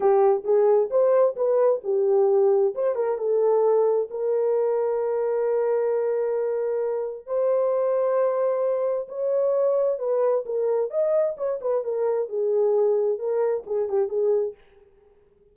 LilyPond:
\new Staff \with { instrumentName = "horn" } { \time 4/4 \tempo 4 = 132 g'4 gis'4 c''4 b'4 | g'2 c''8 ais'8 a'4~ | a'4 ais'2.~ | ais'1 |
c''1 | cis''2 b'4 ais'4 | dis''4 cis''8 b'8 ais'4 gis'4~ | gis'4 ais'4 gis'8 g'8 gis'4 | }